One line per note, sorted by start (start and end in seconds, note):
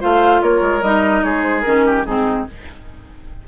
0.00 0.42 A3
0.00 0.82 F4
0.00 0.41 C5
0.00 0.42 F5
0.42 0.61 A#3
0.42 1.24 A#4
0.42 0.82 C#5
0.61 0.82 G#3
0.82 1.23 G3
0.82 1.64 D#4
0.82 1.23 D#5
1.23 1.65 G#3
1.23 1.86 G#4
1.23 1.43 C#5
1.43 1.61 C5
1.61 2.06 D#3
1.61 2.06 C#4
1.61 2.02 A#4
1.86 2.06 G4
2.06 2.47 G#2
2.06 2.48 C4
2.06 2.47 D#4
2.06 2.47 G#4